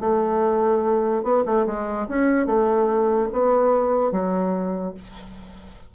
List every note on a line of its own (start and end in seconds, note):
0.00 1.23 A3
1.23 1.44 B3
1.46 1.66 A3
1.66 2.07 G#3
2.08 2.47 C#4
2.47 3.29 A3
3.33 4.12 B3
4.12 4.94 F#3